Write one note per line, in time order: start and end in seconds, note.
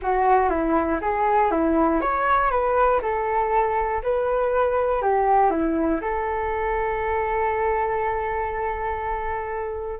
0.02 0.49 F#4
0.49 0.99 E4
1.01 1.51 G#4
1.51 2.01 E4
2.01 2.50 C#5
2.50 3.00 B4
3.01 4.01 A4
4.02 5.02 B4
5.02 5.50 G4
5.50 6.00 E4
6.01 9.99 A4